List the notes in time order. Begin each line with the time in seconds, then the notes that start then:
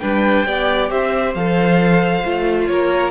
0.00 G3 D4 B4 G5
0.46 B3 G4 D5
0.90 C4 C5 E5
1.34 F3 A4 F5
2.24 A3 F4
2.67 A#3 A#4 C#5